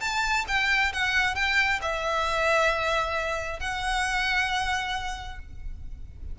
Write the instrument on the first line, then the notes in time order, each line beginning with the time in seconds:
violin
0.00 A5
0.47 G5
0.93 F#5
1.35 G5
1.81 E5
3.60 F#5